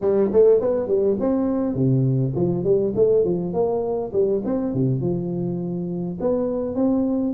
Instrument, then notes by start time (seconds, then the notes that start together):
tuba
0.01 G3
0.32 A3
0.60 B3
0.87 G3
1.20 C4
1.74 C3
2.35 F3
2.63 G3
2.95 A3
3.24 F3
3.53 A#3
4.12 G3
4.44 C4
4.73 C3
5.00 F3
6.20 B3
6.75 C4